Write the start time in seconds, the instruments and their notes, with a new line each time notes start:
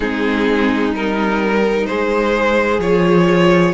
0.00 cello G#3, viola C4, violin D#4 G#4
0.91 cello G3, viola D#4, violin A#4
1.86 cello G#3, violin G#4 C5
2.79 cello F3, viola F4, violin C#5